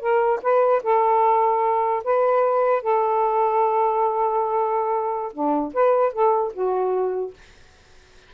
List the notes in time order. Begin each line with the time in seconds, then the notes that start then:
0.00 A#4
0.43 B4
0.83 A4
2.04 B4
2.83 A4
5.33 D4
5.74 B4
6.13 A4
6.54 F#4